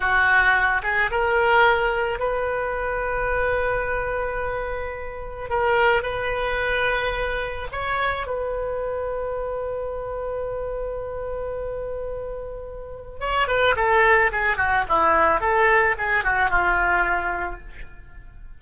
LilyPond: \new Staff \with { instrumentName = "oboe" } { \time 4/4 \tempo 4 = 109 fis'4. gis'8 ais'2 | b'1~ | b'2 ais'4 b'4~ | b'2 cis''4 b'4~ |
b'1~ | b'1 | cis''8 b'8 a'4 gis'8 fis'8 e'4 | a'4 gis'8 fis'8 f'2 | }